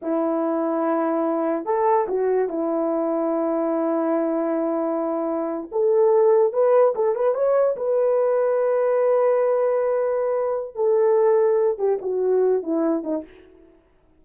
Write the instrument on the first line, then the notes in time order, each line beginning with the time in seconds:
horn
0.02 E4
1.65 A4
2.07 F#4
2.48 E4
5.71 A4
6.52 B4
6.95 A4
7.15 B4
7.34 C#5
7.76 B4
10.75 A4
11.78 G4
12.01 F#4
12.63 E4
13.03 D#4